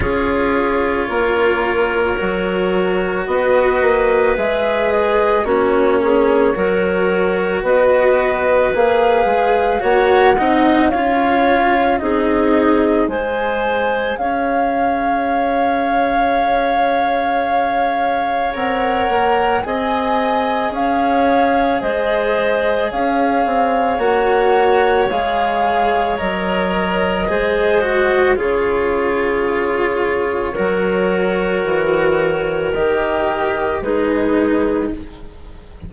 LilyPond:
<<
  \new Staff \with { instrumentName = "flute" } { \time 4/4 \tempo 4 = 55 cis''2. dis''4 | e''8 dis''8 cis''2 dis''4 | f''4 fis''4 f''4 dis''4 | gis''4 f''2.~ |
f''4 fis''4 gis''4 f''4 | dis''4 f''4 fis''4 f''4 | dis''2 cis''2~ | cis''2 dis''4 b'4 | }
  \new Staff \with { instrumentName = "clarinet" } { \time 4/4 gis'4 ais'2 b'4~ | b'4 fis'8 gis'8 ais'4 b'4~ | b'4 cis''8 dis''8 cis''4 gis'4 | c''4 cis''2.~ |
cis''2 dis''4 cis''4 | c''4 cis''2.~ | cis''4 c''4 gis'2 | ais'2. gis'4 | }
  \new Staff \with { instrumentName = "cello" } { \time 4/4 f'2 fis'2 | gis'4 cis'4 fis'2 | gis'4 fis'8 dis'8 f'4 dis'4 | gis'1~ |
gis'4 ais'4 gis'2~ | gis'2 fis'4 gis'4 | ais'4 gis'8 fis'8 f'2 | fis'2 g'4 dis'4 | }
  \new Staff \with { instrumentName = "bassoon" } { \time 4/4 cis'4 ais4 fis4 b8 ais8 | gis4 ais4 fis4 b4 | ais8 gis8 ais8 c'8 cis'4 c'4 | gis4 cis'2.~ |
cis'4 c'8 ais8 c'4 cis'4 | gis4 cis'8 c'8 ais4 gis4 | fis4 gis4 cis2 | fis4 e4 dis4 gis4 | }
>>